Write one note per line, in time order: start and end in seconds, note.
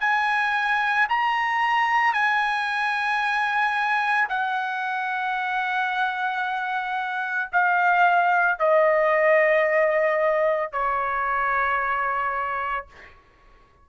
0.00 1.07 G#5
1.09 2.13 A#5
2.13 4.28 G#5
4.29 7.50 F#5
7.52 8.59 F5
8.59 10.72 D#5
10.72 12.86 C#5